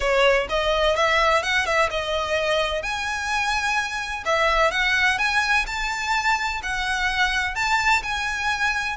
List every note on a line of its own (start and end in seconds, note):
0.00 0.47 C#5
0.49 0.96 D#5
0.96 1.43 E5
1.43 1.66 F#5
1.66 1.89 E5
1.90 2.82 D#5
2.82 4.24 G#5
4.25 4.71 E5
4.71 5.18 F#5
5.18 5.65 G#5
5.66 6.61 A5
6.62 7.55 F#5
7.55 8.02 A5
8.02 8.96 G#5